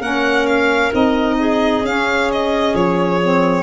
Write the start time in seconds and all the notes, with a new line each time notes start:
0.00 A#3 C#4 A#4 F#5
0.47 F5
0.92 C4 D#4 D#5
1.39 G#4
1.82 C#4 F5
2.32 D#5
2.74 F3 C#5
3.22 C4